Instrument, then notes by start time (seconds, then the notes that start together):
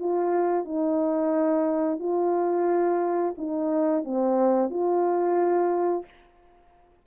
horn
0.00 F4
0.65 D#4
2.00 F4
3.38 D#4
4.05 C4
4.70 F4